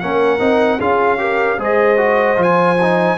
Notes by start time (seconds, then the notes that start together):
0.00 A#3 C#4 A#4 F#5
0.39 C4 D#4
0.78 C#4 F4 G#4 F5
1.18 G4 A#4
1.58 G#3 G#4 C5 D#5
1.97 F#4
2.36 F3 F4
2.43 G#5
2.82 D#4